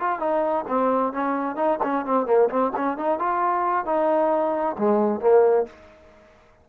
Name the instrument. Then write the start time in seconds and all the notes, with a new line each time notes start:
trombone
0.00 F4
0.20 D#4
0.68 C4
1.13 C#4
1.56 D#4
1.83 C#4
2.06 C4
2.26 A#3
2.49 C4
2.76 C#4
2.98 D#4
3.19 F4
3.86 D#4
4.78 G#3
5.21 A#3